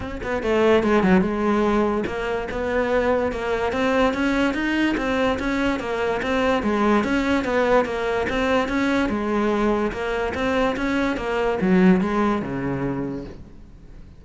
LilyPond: \new Staff \with { instrumentName = "cello" } { \time 4/4 \tempo 4 = 145 cis'8 b8 a4 gis8 fis8 gis4~ | gis4 ais4 b2 | ais4 c'4 cis'4 dis'4 | c'4 cis'4 ais4 c'4 |
gis4 cis'4 b4 ais4 | c'4 cis'4 gis2 | ais4 c'4 cis'4 ais4 | fis4 gis4 cis2 | }